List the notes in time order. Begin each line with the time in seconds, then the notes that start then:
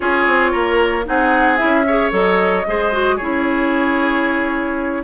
0.00 C#4 F4 G#4 C#5
0.26 C4
0.51 A#3 A#4
1.05 C4 D#4 G#4 F#5
1.57 C#4 E4 E5
1.86 G#4 C#5
2.10 F#3 A4 D#5
2.66 G#3 G#4 C5
2.92 F#4
3.16 C#4 E4 G#4 C#5